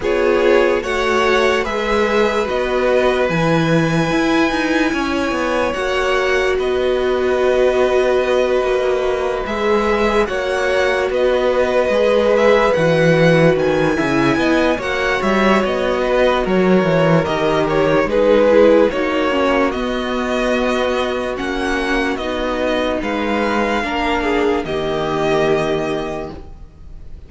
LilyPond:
<<
  \new Staff \with { instrumentName = "violin" } { \time 4/4 \tempo 4 = 73 cis''4 fis''4 e''4 dis''4 | gis''2. fis''4 | dis''2.~ dis''8 e''8~ | e''8 fis''4 dis''4. e''8 fis''8~ |
fis''8 gis''4. fis''8 e''8 dis''4 | cis''4 dis''8 cis''8 b'4 cis''4 | dis''2 fis''4 dis''4 | f''2 dis''2 | }
  \new Staff \with { instrumentName = "violin" } { \time 4/4 gis'4 cis''4 b'2~ | b'2 cis''2 | b'1~ | b'8 cis''4 b'2~ b'8~ |
b'4 e''8 dis''8 cis''4. b'8 | ais'2 gis'4 fis'4~ | fis'1 | b'4 ais'8 gis'8 g'2 | }
  \new Staff \with { instrumentName = "viola" } { \time 4/4 f'4 fis'4 gis'4 fis'4 | e'2. fis'4~ | fis'2.~ fis'8 gis'8~ | gis'8 fis'2 gis'4 fis'8~ |
fis'4 e'4 fis'2~ | fis'4 g'4 dis'8 e'8 dis'8 cis'8 | b2 cis'4 dis'4~ | dis'4 d'4 ais2 | }
  \new Staff \with { instrumentName = "cello" } { \time 4/4 b4 a4 gis4 b4 | e4 e'8 dis'8 cis'8 b8 ais4 | b2~ b8 ais4 gis8~ | gis8 ais4 b4 gis4 e8~ |
e8 dis8 cis8 b8 ais8 g8 b4 | fis8 e8 dis4 gis4 ais4 | b2 ais4 b4 | gis4 ais4 dis2 | }
>>